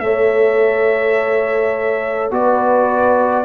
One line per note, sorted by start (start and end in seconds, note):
0.00 2.31 A3
0.00 2.31 A4
0.00 2.35 C#5
0.00 2.31 E5
2.31 3.45 B3
2.31 3.45 F#4
2.31 3.45 B4
2.31 3.45 D5